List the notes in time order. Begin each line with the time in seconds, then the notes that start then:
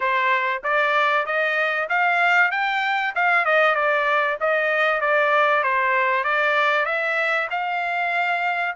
0.00 C5
0.63 D5
1.26 D#5
1.89 F5
2.51 G5
3.15 F5
3.45 D#5
3.75 D5
4.40 D#5
5.00 D5
5.63 C5
6.23 D5
6.85 E5
7.50 F5